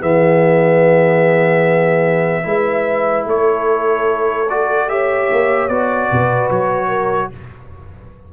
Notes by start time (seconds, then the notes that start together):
0.00 E3 B3 G#4 E5
2.43 G#3 E4 B4
3.26 A3 A4 C#5
4.49 F#4 D5
4.88 G4 C#5 E5
5.31 A#3
5.68 B3 F#4 D5
6.10 B2 B4
6.50 F#3 C#5
6.88 A#4